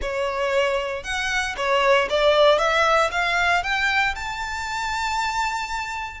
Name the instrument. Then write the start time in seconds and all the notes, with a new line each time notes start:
violin
0.01 C#5
1.03 F#5
1.56 C#5
2.09 D5
2.58 E5
3.11 F5
3.63 G5
4.15 A5